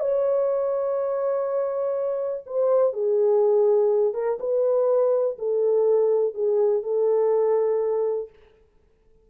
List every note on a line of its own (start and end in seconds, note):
0.00 2.44 C#5
2.47 2.93 C5
2.93 4.14 G#4
4.14 4.38 A#4
4.40 5.37 B4
5.39 6.34 A4
6.34 6.83 G#4
6.83 8.29 A4